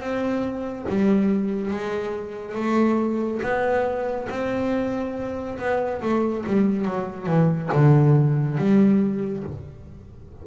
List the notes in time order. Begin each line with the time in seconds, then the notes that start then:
0.00 C4
0.88 G3
1.71 G#3
2.55 A3
3.42 B3
4.29 C4
5.58 B3
6.02 A3
6.46 G3
6.85 F#3
7.27 E3
7.72 D3
8.58 G3